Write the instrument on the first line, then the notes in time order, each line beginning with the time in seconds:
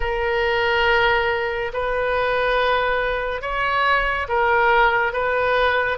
oboe
0.00 A#4
1.73 B4
3.41 C#5
4.28 A#4
5.12 B4